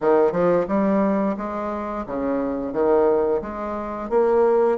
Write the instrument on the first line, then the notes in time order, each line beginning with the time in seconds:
bassoon
0.01 D#3
0.32 F3
0.67 G3
1.37 G#3
2.06 C#3
2.73 D#3
3.41 G#3
4.09 A#3